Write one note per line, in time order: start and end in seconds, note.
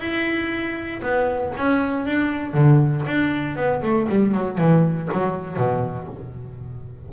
0.00 1.02 E4
1.03 1.54 B3
1.58 2.06 C#4
2.06 2.54 D4
2.54 3.05 D3
3.07 3.56 D4
3.56 3.82 B3
3.83 4.08 A3
4.10 4.35 G3
4.35 4.59 F#3
4.59 5.09 E3
5.13 5.57 F#3
5.57 6.08 B2